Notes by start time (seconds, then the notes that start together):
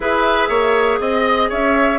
0.00 E4 G#4 B4 E5
0.48 A#3 C#5
0.99 C4 D#5
1.49 C#4 C#5 E5